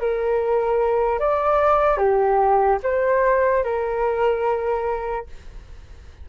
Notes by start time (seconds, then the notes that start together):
0.00 A#4
1.20 D5
1.98 G4
2.83 C5
3.64 A#4